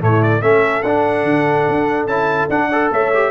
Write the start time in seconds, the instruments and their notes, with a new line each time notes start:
0.00 tuba A2, trombone A3, horn E4, trumpet C#5
0.22 trumpet D5
0.41 tuba A3, trombone C#4, horn A4, trumpet E5
0.82 tuba D4, trombone D4, trumpet F#5
1.23 tuba D3
1.68 tuba D4
2.06 tuba C#4, trombone E4, trumpet A5
2.49 tuba D4, trombone D4, trumpet F#5
2.68 trombone A4, horn D5
2.91 tuba A3, horn C#5, trumpet E5
3.13 trombone G4